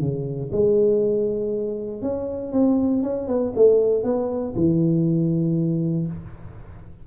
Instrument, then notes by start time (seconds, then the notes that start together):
tuba
0.00 C#3
0.52 G#3
2.02 C#4
2.53 C4
3.03 C#4
3.28 B3
3.56 A3
4.04 B3
4.56 E3